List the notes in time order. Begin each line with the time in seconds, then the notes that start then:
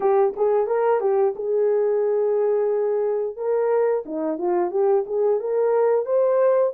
0.00 G4
0.36 G#4
0.66 A#4
1.00 G4
1.35 G#4
3.36 A#4
4.05 D#4
4.38 F4
4.70 G4
5.06 G#4
5.40 A#4
6.05 C5